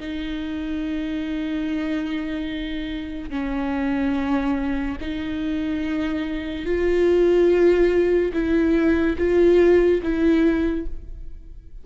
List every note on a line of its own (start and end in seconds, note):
0.00 3.30 D#4
3.30 4.97 C#4
5.01 6.66 D#4
6.66 8.33 F4
8.33 9.17 E4
9.18 10.02 F4
10.03 10.86 E4